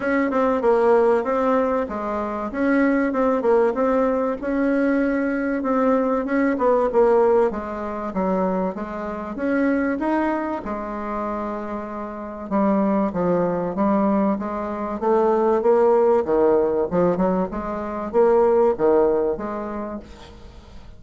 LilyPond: \new Staff \with { instrumentName = "bassoon" } { \time 4/4 \tempo 4 = 96 cis'8 c'8 ais4 c'4 gis4 | cis'4 c'8 ais8 c'4 cis'4~ | cis'4 c'4 cis'8 b8 ais4 | gis4 fis4 gis4 cis'4 |
dis'4 gis2. | g4 f4 g4 gis4 | a4 ais4 dis4 f8 fis8 | gis4 ais4 dis4 gis4 | }